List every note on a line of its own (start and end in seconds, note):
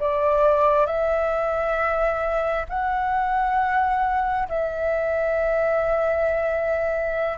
0.00 0.86 D5
0.86 2.65 E5
2.69 4.48 F#5
4.49 7.38 E5